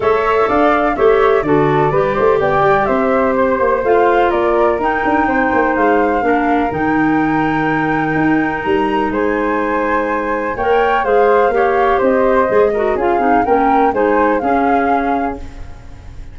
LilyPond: <<
  \new Staff \with { instrumentName = "flute" } { \time 4/4 \tempo 4 = 125 e''4 f''4 e''4 d''4~ | d''4 g''4 e''4 c''4 | f''4 d''4 g''2 | f''2 g''2~ |
g''2 ais''4 gis''4~ | gis''2 g''4 f''4~ | f''4 dis''2 f''4 | g''4 gis''4 f''2 | }
  \new Staff \with { instrumentName = "flute" } { \time 4/4 cis''4 d''4 cis''4 a'4 | b'8 c''8 d''4 c''2~ | c''4 ais'2 c''4~ | c''4 ais'2.~ |
ais'2. c''4~ | c''2 cis''4 c''4 | cis''4 c''4. ais'8 gis'4 | ais'4 c''4 gis'2 | }
  \new Staff \with { instrumentName = "clarinet" } { \time 4/4 a'2 g'4 fis'4 | g'1 | f'2 dis'2~ | dis'4 d'4 dis'2~ |
dis'1~ | dis'2 ais'4 gis'4 | g'2 gis'8 fis'8 f'8 dis'8 | cis'4 dis'4 cis'2 | }
  \new Staff \with { instrumentName = "tuba" } { \time 4/4 a4 d'4 a4 d4 | g8 a8 b8 g8 c'4. ais8 | a4 ais4 dis'8 d'8 c'8 ais8 | gis4 ais4 dis2~ |
dis4 dis'4 g4 gis4~ | gis2 ais4 gis4 | ais4 c'4 gis4 cis'8 c'8 | ais4 gis4 cis'2 | }
>>